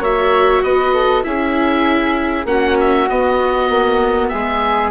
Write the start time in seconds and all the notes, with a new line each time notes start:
0.00 A#3 F#4 C#5 E5
0.63 B3 B4 D#5
0.93 A4
1.23 C#4 E4 G#4 E5
2.45 A#3 C#4 F#4 F#5
2.79 E5
3.09 B3 D#5
3.69 A#3
4.28 G#3 G#4 E5